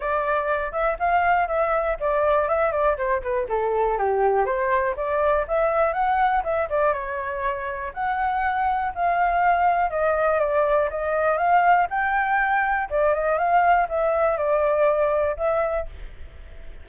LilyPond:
\new Staff \with { instrumentName = "flute" } { \time 4/4 \tempo 4 = 121 d''4. e''8 f''4 e''4 | d''4 e''8 d''8 c''8 b'8 a'4 | g'4 c''4 d''4 e''4 | fis''4 e''8 d''8 cis''2 |
fis''2 f''2 | dis''4 d''4 dis''4 f''4 | g''2 d''8 dis''8 f''4 | e''4 d''2 e''4 | }